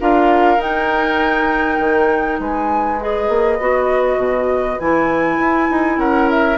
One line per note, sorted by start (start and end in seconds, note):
0.00 0.58 D4
0.00 0.58 F4
0.00 2.40 A#4
0.00 0.61 F5
0.58 1.78 D#4
0.58 2.98 D#4
0.58 2.41 G5
1.79 2.39 D#3
2.39 3.29 G#3
2.39 5.98 B4
2.39 3.01 G#5
3.00 3.60 G#4
3.00 4.79 D#5
3.29 3.58 A#3
3.59 4.17 B3
3.59 4.79 F#4
4.17 4.77 B2
4.79 5.38 E3
4.79 6.58 E4
4.79 5.99 G#5
5.38 5.68 E4
5.70 5.98 D#4
5.98 6.58 C#4
5.98 6.58 A#4
5.98 6.29 F#5
6.30 6.58 E5